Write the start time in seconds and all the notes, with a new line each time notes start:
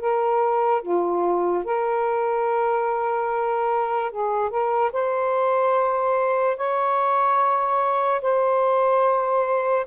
0.00 A#4
0.82 F4
1.65 A#4
4.12 G#4
4.50 A#4
4.93 C5
6.57 C#5
8.22 C5